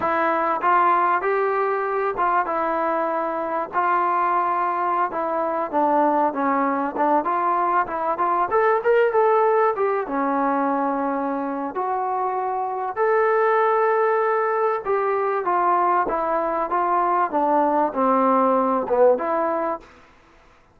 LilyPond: \new Staff \with { instrumentName = "trombone" } { \time 4/4 \tempo 4 = 97 e'4 f'4 g'4. f'8 | e'2 f'2~ | f'16 e'4 d'4 cis'4 d'8 f'16~ | f'8. e'8 f'8 a'8 ais'8 a'4 g'16~ |
g'16 cis'2~ cis'8. fis'4~ | fis'4 a'2. | g'4 f'4 e'4 f'4 | d'4 c'4. b8 e'4 | }